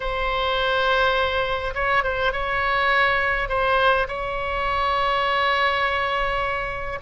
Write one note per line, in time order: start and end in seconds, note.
0.00 1.73 C5
1.74 2.03 C#5
2.03 2.32 C5
2.32 3.48 C#5
3.48 4.07 C5
4.08 6.99 C#5